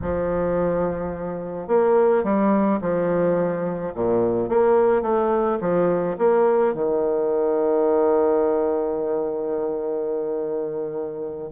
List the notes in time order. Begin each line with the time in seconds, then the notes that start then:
0.01 F3
1.67 A#3
2.23 G3
2.81 F3
3.94 A#2
4.49 A#3
5.02 A3
5.60 F3
6.17 A#3
6.73 D#3